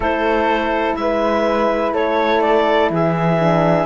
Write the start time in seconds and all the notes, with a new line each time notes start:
0.00 A3 E4 A4 C5
0.94 G#3 B4 E5
1.93 A3 A4 C#5
2.41 D5
2.90 E3 G#4 E5
3.39 D4